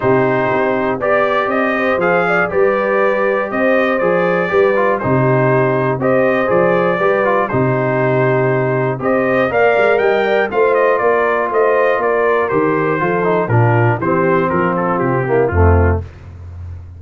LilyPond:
<<
  \new Staff \with { instrumentName = "trumpet" } { \time 4/4 \tempo 4 = 120 c''2 d''4 dis''4 | f''4 d''2 dis''4 | d''2 c''2 | dis''4 d''2 c''4~ |
c''2 dis''4 f''4 | g''4 f''8 dis''8 d''4 dis''4 | d''4 c''2 ais'4 | c''4 ais'8 a'8 g'4 f'4 | }
  \new Staff \with { instrumentName = "horn" } { \time 4/4 g'2 d''4. c''8~ | c''8 d''8 b'2 c''4~ | c''4 b'4 g'2 | c''2 b'4 g'4~ |
g'2 c''4 d''4 | dis''8 d''8 c''4 ais'4 c''4 | ais'2 a'4 f'4 | g'4 f'4. e'8 c'4 | }
  \new Staff \with { instrumentName = "trombone" } { \time 4/4 dis'2 g'2 | gis'4 g'2. | gis'4 g'8 f'8 dis'2 | g'4 gis'4 g'8 f'8 dis'4~ |
dis'2 g'4 ais'4~ | ais'4 f'2.~ | f'4 g'4 f'8 dis'8 d'4 | c'2~ c'8 ais8 a4 | }
  \new Staff \with { instrumentName = "tuba" } { \time 4/4 c4 c'4 b4 c'4 | f4 g2 c'4 | f4 g4 c2 | c'4 f4 g4 c4~ |
c2 c'4 ais8 gis8 | g4 a4 ais4 a4 | ais4 dis4 f4 ais,4 | e4 f4 c4 f,4 | }
>>